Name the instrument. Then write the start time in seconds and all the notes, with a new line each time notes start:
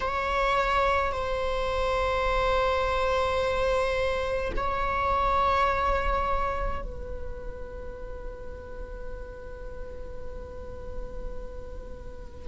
viola
0.00 C#5
1.12 C5
4.56 C#5
6.82 B4